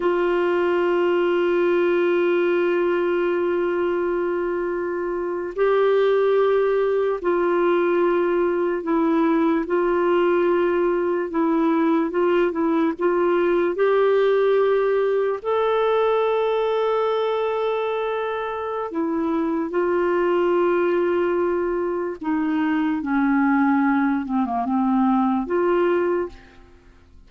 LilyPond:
\new Staff \with { instrumentName = "clarinet" } { \time 4/4 \tempo 4 = 73 f'1~ | f'2~ f'8. g'4~ g'16~ | g'8. f'2 e'4 f'16~ | f'4.~ f'16 e'4 f'8 e'8 f'16~ |
f'8. g'2 a'4~ a'16~ | a'2. e'4 | f'2. dis'4 | cis'4. c'16 ais16 c'4 f'4 | }